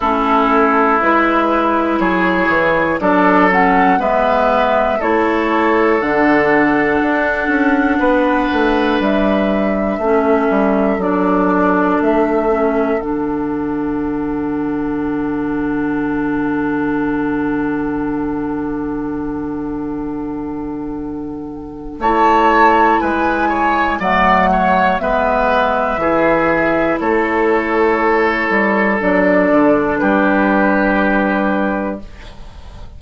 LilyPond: <<
  \new Staff \with { instrumentName = "flute" } { \time 4/4 \tempo 4 = 60 a'4 b'4 cis''4 d''8 fis''8 | e''4 cis''4 fis''2~ | fis''4 e''2 d''4 | e''4 fis''2.~ |
fis''1~ | fis''2 a''4 gis''4 | fis''4 e''2 cis''4~ | cis''4 d''4 b'2 | }
  \new Staff \with { instrumentName = "oboe" } { \time 4/4 e'2 gis'4 a'4 | b'4 a'2. | b'2 a'2~ | a'1~ |
a'1~ | a'2 cis''4 b'8 cis''8 | d''8 cis''8 b'4 gis'4 a'4~ | a'2 g'2 | }
  \new Staff \with { instrumentName = "clarinet" } { \time 4/4 cis'4 e'2 d'8 cis'8 | b4 e'4 d'2~ | d'2 cis'4 d'4~ | d'8 cis'8 d'2.~ |
d'1~ | d'2 e'2 | a4 b4 e'2~ | e'4 d'2. | }
  \new Staff \with { instrumentName = "bassoon" } { \time 4/4 a4 gis4 fis8 e8 fis4 | gis4 a4 d4 d'8 cis'8 | b8 a8 g4 a8 g8 fis4 | a4 d2.~ |
d1~ | d2 a4 gis4 | fis4 gis4 e4 a4~ | a8 g8 fis8 d8 g2 | }
>>